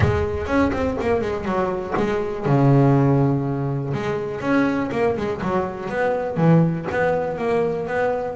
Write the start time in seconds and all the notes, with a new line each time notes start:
0.00 G#3
0.46 C#4
0.72 C4
1.00 A#3
1.21 G#3
1.44 F#3
1.97 G#3
2.45 C#3
3.93 G#3
4.40 C#4
4.91 A#3
5.16 G#3
5.41 F#3
5.89 B3
6.37 E3
6.91 B3
7.38 A#3
7.87 B3